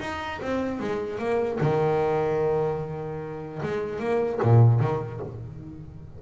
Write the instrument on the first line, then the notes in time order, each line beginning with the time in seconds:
double bass
0.00 D#4
0.42 C4
0.80 G#3
1.18 A#3
1.61 D#3
3.63 G#3
3.99 A#3
4.42 A#2
4.80 D#3